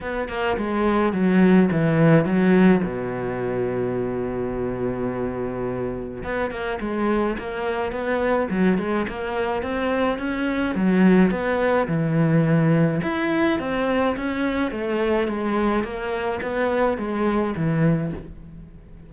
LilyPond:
\new Staff \with { instrumentName = "cello" } { \time 4/4 \tempo 4 = 106 b8 ais8 gis4 fis4 e4 | fis4 b,2.~ | b,2. b8 ais8 | gis4 ais4 b4 fis8 gis8 |
ais4 c'4 cis'4 fis4 | b4 e2 e'4 | c'4 cis'4 a4 gis4 | ais4 b4 gis4 e4 | }